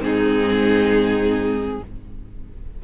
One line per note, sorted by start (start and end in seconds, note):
0.00 1.79 G#2
0.00 1.79 C4
0.00 1.84 D#4
0.00 1.82 G#4